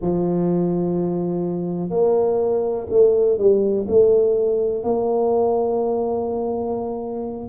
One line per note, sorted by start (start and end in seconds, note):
0.00 1.90 F3
1.90 2.86 A#3
2.89 3.37 A3
3.37 3.86 G3
3.88 4.83 A3
4.83 7.49 A#3